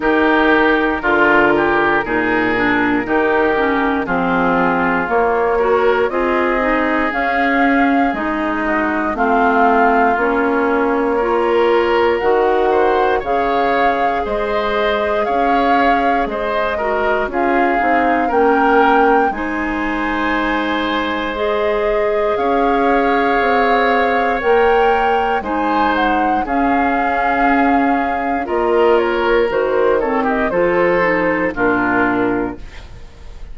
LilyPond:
<<
  \new Staff \with { instrumentName = "flute" } { \time 4/4 \tempo 4 = 59 ais'1 | gis'4 cis''4 dis''4 f''4 | dis''4 f''4 cis''2 | fis''4 f''4 dis''4 f''4 |
dis''4 f''4 g''4 gis''4~ | gis''4 dis''4 f''2 | g''4 gis''8 fis''8 f''2 | dis''8 cis''8 c''8 cis''16 dis''16 c''4 ais'4 | }
  \new Staff \with { instrumentName = "oboe" } { \time 4/4 g'4 f'8 g'8 gis'4 g'4 | f'4. ais'8 gis'2~ | gis'8 fis'8 f'2 ais'4~ | ais'8 c''8 cis''4 c''4 cis''4 |
c''8 ais'8 gis'4 ais'4 c''4~ | c''2 cis''2~ | cis''4 c''4 gis'2 | ais'4. a'16 g'16 a'4 f'4 | }
  \new Staff \with { instrumentName = "clarinet" } { \time 4/4 dis'4 f'4 dis'8 d'8 dis'8 cis'8 | c'4 ais8 fis'8 f'8 dis'8 cis'4 | dis'4 c'4 cis'4 f'4 | fis'4 gis'2.~ |
gis'8 fis'8 f'8 dis'8 cis'4 dis'4~ | dis'4 gis'2. | ais'4 dis'4 cis'2 | f'4 fis'8 c'8 f'8 dis'8 d'4 | }
  \new Staff \with { instrumentName = "bassoon" } { \time 4/4 dis4 d4 ais,4 dis4 | f4 ais4 c'4 cis'4 | gis4 a4 ais2 | dis4 cis4 gis4 cis'4 |
gis4 cis'8 c'8 ais4 gis4~ | gis2 cis'4 c'4 | ais4 gis4 cis'2 | ais4 dis4 f4 ais,4 | }
>>